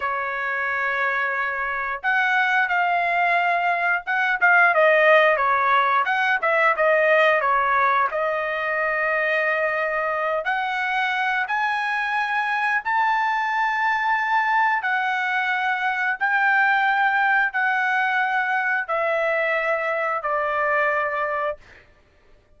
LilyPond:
\new Staff \with { instrumentName = "trumpet" } { \time 4/4 \tempo 4 = 89 cis''2. fis''4 | f''2 fis''8 f''8 dis''4 | cis''4 fis''8 e''8 dis''4 cis''4 | dis''2.~ dis''8 fis''8~ |
fis''4 gis''2 a''4~ | a''2 fis''2 | g''2 fis''2 | e''2 d''2 | }